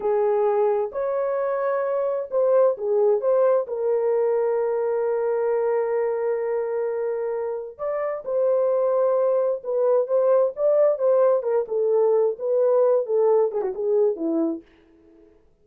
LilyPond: \new Staff \with { instrumentName = "horn" } { \time 4/4 \tempo 4 = 131 gis'2 cis''2~ | cis''4 c''4 gis'4 c''4 | ais'1~ | ais'1~ |
ais'4 d''4 c''2~ | c''4 b'4 c''4 d''4 | c''4 ais'8 a'4. b'4~ | b'8 a'4 gis'16 fis'16 gis'4 e'4 | }